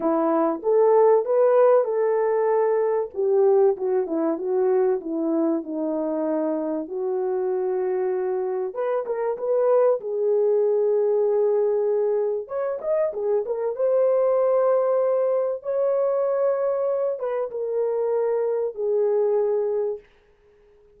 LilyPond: \new Staff \with { instrumentName = "horn" } { \time 4/4 \tempo 4 = 96 e'4 a'4 b'4 a'4~ | a'4 g'4 fis'8 e'8 fis'4 | e'4 dis'2 fis'4~ | fis'2 b'8 ais'8 b'4 |
gis'1 | cis''8 dis''8 gis'8 ais'8 c''2~ | c''4 cis''2~ cis''8 b'8 | ais'2 gis'2 | }